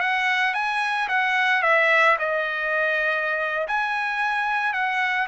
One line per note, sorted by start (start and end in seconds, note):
0.00 0.54 F#5
0.54 1.08 G#5
1.08 1.62 F#5
1.63 2.17 E5
2.19 3.67 D#5
3.68 4.73 G#5
4.73 5.28 F#5